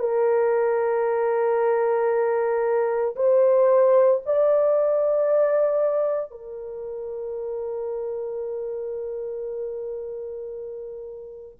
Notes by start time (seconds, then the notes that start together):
0.00 A#4
3.16 C5
4.26 D5
6.31 A#4